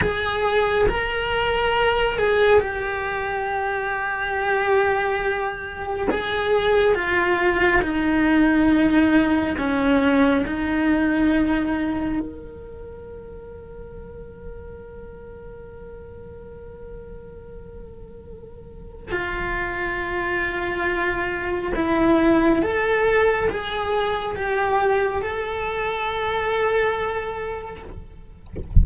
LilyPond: \new Staff \with { instrumentName = "cello" } { \time 4/4 \tempo 4 = 69 gis'4 ais'4. gis'8 g'4~ | g'2. gis'4 | f'4 dis'2 cis'4 | dis'2 ais'2~ |
ais'1~ | ais'2 f'2~ | f'4 e'4 a'4 gis'4 | g'4 a'2. | }